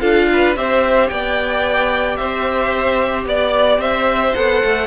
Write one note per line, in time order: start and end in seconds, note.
0.00 0.56 D4
0.00 0.55 F4
0.00 0.27 A4
0.00 0.54 F5
0.32 0.58 B4
0.56 1.10 C4
0.56 4.34 G4
0.56 1.10 C5
0.56 1.08 E5
1.08 2.18 B3
1.08 2.18 D5
1.08 2.16 G5
2.16 3.26 C4
2.16 3.27 C5
2.16 3.24 E5
3.26 3.78 B3
3.26 3.81 D5
3.26 3.79 D5
3.78 4.32 C4
3.78 4.86 C5
3.78 4.35 E5
4.35 4.63 B3
4.35 4.86 A4
4.35 4.86 F#5
4.64 4.86 A3